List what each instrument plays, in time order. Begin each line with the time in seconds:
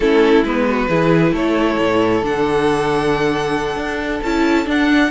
0.00 cello A3, viola C#4, violin E4 A4
0.43 cello G#3, viola B3, violin B4
0.69 violin F#4
0.88 cello E3, viola E4, violin G#4
1.32 cello A3, violin A4 C#5
1.78 cello A2
2.22 cello D3, viola D4, violin F#5
3.76 cello D4
4.22 cello C#4, viola E4, violin A5
4.65 viola D4, cello D4, violin F#5